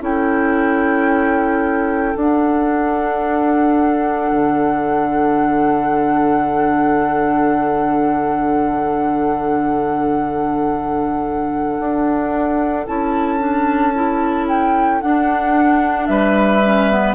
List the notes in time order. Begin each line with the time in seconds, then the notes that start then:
0.00 C#4 E4 A4 G5
2.15 D4 F#5
4.31 D3
11.79 D4
12.86 C#4 E4 A5
13.39 D4
13.94 E4
14.47 G5
15.01 D4 F#5
16.06 G3 B4 E5
16.64 C#4
16.91 B3